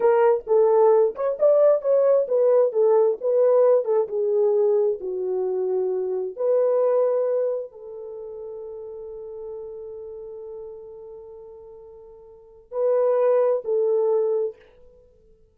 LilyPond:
\new Staff \with { instrumentName = "horn" } { \time 4/4 \tempo 4 = 132 ais'4 a'4. cis''8 d''4 | cis''4 b'4 a'4 b'4~ | b'8 a'8 gis'2 fis'4~ | fis'2 b'2~ |
b'4 a'2.~ | a'1~ | a'1 | b'2 a'2 | }